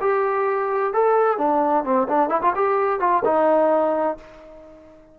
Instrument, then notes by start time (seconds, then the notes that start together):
trombone
0.00 G4
0.93 A4
1.37 D4
1.84 C4
2.08 D4
2.29 E4
2.41 F4
2.55 G4
2.99 F4
3.24 D#4